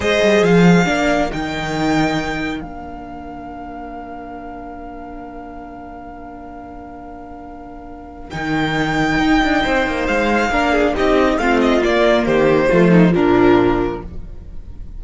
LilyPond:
<<
  \new Staff \with { instrumentName = "violin" } { \time 4/4 \tempo 4 = 137 dis''4 f''2 g''4~ | g''2 f''2~ | f''1~ | f''1~ |
f''2. g''4~ | g''2. f''4~ | f''4 dis''4 f''8 dis''8 d''4 | c''2 ais'2 | }
  \new Staff \with { instrumentName = "violin" } { \time 4/4 c''2 ais'2~ | ais'1~ | ais'1~ | ais'1~ |
ais'1~ | ais'2 c''2 | ais'8 gis'8 g'4 f'2 | g'4 f'8 dis'8 d'2 | }
  \new Staff \with { instrumentName = "viola" } { \time 4/4 gis'2 d'4 dis'4~ | dis'2 d'2~ | d'1~ | d'1~ |
d'2. dis'4~ | dis'1 | d'4 dis'4 c'4 ais4~ | ais4 a4 f2 | }
  \new Staff \with { instrumentName = "cello" } { \time 4/4 gis8 g8 f4 ais4 dis4~ | dis2 ais2~ | ais1~ | ais1~ |
ais2. dis4~ | dis4 dis'8 d'8 c'8 ais8 gis4 | ais4 c'4 a4 ais4 | dis4 f4 ais,2 | }
>>